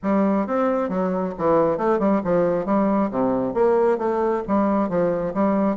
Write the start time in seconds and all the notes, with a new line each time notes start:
0.02 G3
0.46 C4
0.89 F#3
1.38 E3
1.77 A3
1.99 G3
2.24 F3
2.65 G3
3.10 C3
3.54 A#3
3.98 A3
4.47 G3
4.89 F3
5.34 G3